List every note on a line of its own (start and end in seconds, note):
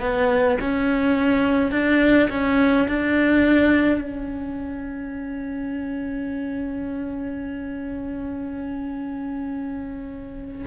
0.00 0.58 B3
0.61 1.72 C#4
1.72 2.29 D4
2.30 2.88 C#4
2.88 4.02 D4
4.02 10.65 C#4